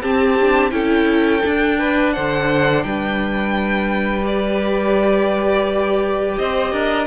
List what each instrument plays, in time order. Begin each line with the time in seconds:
0.00 viola C4, cello C4, violin G4 A5
0.40 viola D4
0.70 cello C#4, viola E4, violin A4 G5
1.42 viola D4, cello D4
1.79 violin B4
2.12 cello D3, violin C5 F#5
2.83 cello G3, violin B4 G5
4.21 viola G4, violin D5
6.37 cello C4, violin C5 D#5
6.72 cello D4, violin A#4